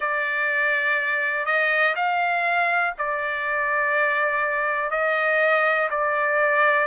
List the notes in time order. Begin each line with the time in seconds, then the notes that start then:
0.00 D5
1.45 D#5
1.95 F5
2.98 D5
4.90 D#5
5.90 D5